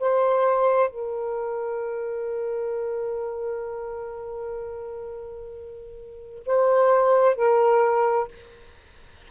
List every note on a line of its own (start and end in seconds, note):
0.00 0.90 C5
0.90 6.44 A#4
6.46 7.36 C5
7.36 8.28 A#4